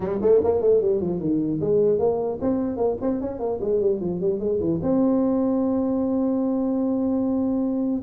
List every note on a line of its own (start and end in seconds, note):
0.00 0.19 G3
0.21 0.41 A3
0.43 0.61 A#3
0.61 0.81 A3
0.81 1.01 G3
1.01 1.20 F3
1.20 1.60 D#3
1.60 1.99 G#3
1.99 2.39 A#3
2.41 2.77 C4
2.77 2.97 A#3
3.01 3.20 C4
3.20 3.39 C#4
3.39 3.59 A#3
3.61 3.80 G#3
3.80 4.00 G3
4.00 4.20 F3
4.20 4.39 G3
4.39 4.59 G#3
4.59 4.79 E3
4.82 8.02 C4